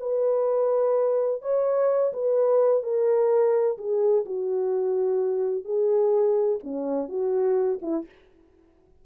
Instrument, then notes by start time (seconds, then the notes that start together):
horn
0.00 B4
1.42 C#5
2.13 B4
2.83 A#4
3.78 G#4
4.25 F#4
5.65 G#4
6.63 C#4
7.08 F#4
7.82 E4